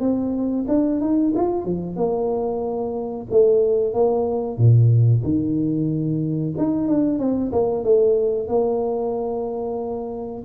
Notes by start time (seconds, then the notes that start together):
0.00 C4
0.68 D4
1.01 D#4
1.36 F4
1.65 F3
1.96 A#3
3.31 A3
3.93 A#3
4.57 A#2
5.24 D#3
6.58 D#4
6.88 D4
7.19 C4
7.52 A#3
7.84 A3
8.48 A#3